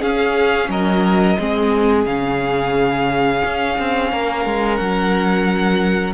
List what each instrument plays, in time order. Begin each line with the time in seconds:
0.00 viola C#4, cello C#4, violin G#4 F5
0.69 cello F#3, violin A#4 D#5
1.39 cello G#3, viola C4, violin G#4
2.05 cello C#3, viola C#4, violin F5
3.44 cello C#4
3.78 cello C4
4.11 cello A#3, violin A#4
4.45 cello G#3
4.76 cello F#3, violin F#5